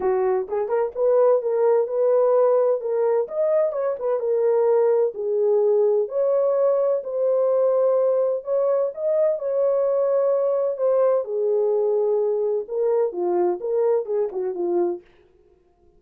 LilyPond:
\new Staff \with { instrumentName = "horn" } { \time 4/4 \tempo 4 = 128 fis'4 gis'8 ais'8 b'4 ais'4 | b'2 ais'4 dis''4 | cis''8 b'8 ais'2 gis'4~ | gis'4 cis''2 c''4~ |
c''2 cis''4 dis''4 | cis''2. c''4 | gis'2. ais'4 | f'4 ais'4 gis'8 fis'8 f'4 | }